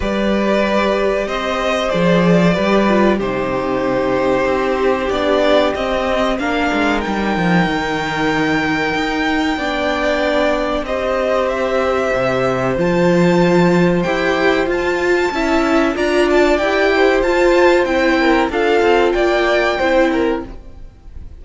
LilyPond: <<
  \new Staff \with { instrumentName = "violin" } { \time 4/4 \tempo 4 = 94 d''2 dis''4 d''4~ | d''4 c''2. | d''4 dis''4 f''4 g''4~ | g''1~ |
g''4 dis''4 e''2 | a''2 g''4 a''4~ | a''4 ais''8 a''8 g''4 a''4 | g''4 f''4 g''2 | }
  \new Staff \with { instrumentName = "violin" } { \time 4/4 b'2 c''2 | b'4 g'2.~ | g'2 ais'2~ | ais'2. d''4~ |
d''4 c''2.~ | c''1 | e''4 d''4. c''4.~ | c''8 ais'8 a'4 d''4 c''8 ais'8 | }
  \new Staff \with { instrumentName = "viola" } { \time 4/4 g'2. gis'4 | g'8 f'8 dis'2. | d'4 c'4 d'4 dis'4~ | dis'2. d'4~ |
d'4 g'2. | f'2 g'4 f'4 | e'4 f'4 g'4 f'4 | e'4 f'2 e'4 | }
  \new Staff \with { instrumentName = "cello" } { \time 4/4 g2 c'4 f4 | g4 c2 c'4 | b4 c'4 ais8 gis8 g8 f8 | dis2 dis'4 b4~ |
b4 c'2 c4 | f2 e'4 f'4 | cis'4 d'4 e'4 f'4 | c'4 d'8 c'8 ais4 c'4 | }
>>